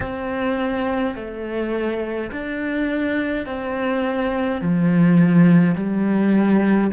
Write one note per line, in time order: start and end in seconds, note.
0.00 1.15 C4
1.15 2.30 A3
2.31 3.46 D4
3.46 4.61 C4
4.61 5.75 F3
5.75 6.90 G3